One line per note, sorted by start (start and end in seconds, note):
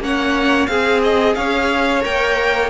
0.00 0.67 A#3
0.00 0.69 C#4
0.00 0.70 C#5
0.00 0.67 F#5
0.67 1.36 C4
0.67 1.37 G#4
0.67 2.01 G#4
0.67 1.01 F5
1.03 1.35 D#5
1.35 2.04 C#4
1.35 2.70 C#5
1.35 2.02 F5
2.01 2.70 A#3
2.01 2.69 A#4
2.01 2.70 G5